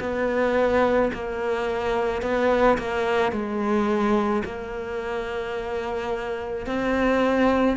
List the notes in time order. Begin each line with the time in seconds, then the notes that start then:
0.00 B3
1.13 A#3
2.22 B3
2.78 A#3
3.32 G#3
4.45 A#3
6.66 C4